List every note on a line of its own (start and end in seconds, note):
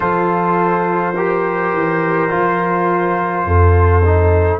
0.00 1.73 F3
0.00 1.13 F4
0.00 1.14 A4
0.00 4.60 C5
1.14 2.29 G4
1.14 3.45 A#4
1.73 2.30 E3
2.29 3.44 F3
2.29 4.02 F4
3.44 4.60 F2
3.44 4.60 A4
4.04 4.60 D#4